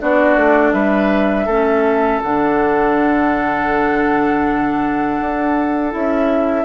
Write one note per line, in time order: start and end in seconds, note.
0.00 0.36 B3
0.00 1.48 D4
0.00 0.74 F#4
0.00 0.73 D5
0.36 0.73 A3
0.73 1.47 G3
0.73 1.46 B4
0.73 2.21 E5
1.46 2.21 A3
1.46 2.24 C#4
1.46 6.64 A4
2.23 5.21 D3
2.23 5.91 D4
2.23 5.93 F#5
5.21 5.94 D4
5.91 6.65 C#4
5.91 6.65 E4
5.91 6.65 E5